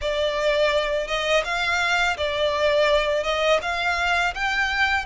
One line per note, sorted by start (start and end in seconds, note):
0.01 1.07 D5
1.07 1.43 D#5
1.44 2.16 F5
2.17 3.23 D5
3.23 3.59 D#5
3.61 4.34 F5
4.34 5.05 G5